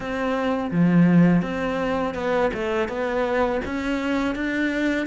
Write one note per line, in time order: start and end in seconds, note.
0.00 0.70 C4
0.71 1.42 F3
1.42 2.14 C4
2.14 2.50 B3
2.53 2.88 A3
2.88 3.60 B3
3.65 4.35 C#4
4.35 5.06 D4